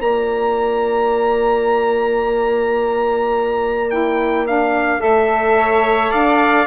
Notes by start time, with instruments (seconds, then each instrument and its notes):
0.00 bassoon A#3, saxophone F4, viola D5, trumpet A#5
3.89 saxophone E4, trumpet G5
4.47 saxophone D4, trumpet F5
5.00 bassoon A3, saxophone A4, trumpet E5
5.59 viola C#5
6.11 bassoon D4, viola D5, trumpet F5